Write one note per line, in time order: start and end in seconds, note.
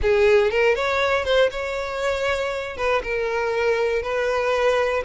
0.02 0.50 G#4
0.50 0.75 A#4
0.75 1.25 C#5
1.25 1.50 C5
1.50 2.76 C#5
2.76 3.02 B4
3.03 4.02 A#4
4.02 5.03 B4